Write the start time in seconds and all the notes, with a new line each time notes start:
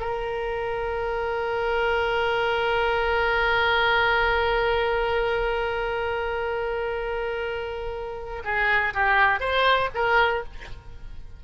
0.00 A#4
8.44 G#4
8.94 G4
9.40 C5
9.94 A#4